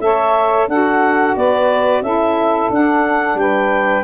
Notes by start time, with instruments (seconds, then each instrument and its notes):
0.00 tuba A3, saxophone A4 C#5, clarinet E5
0.67 tuba D4, saxophone F#4 A4, clarinet F#5
1.36 tuba B3, saxophone B4, clarinet D5
2.02 tuba C#4, saxophone E4 A4, clarinet E5
2.70 tuba D4, saxophone D4, clarinet F#5
3.34 tuba G3, saxophone B4, clarinet G5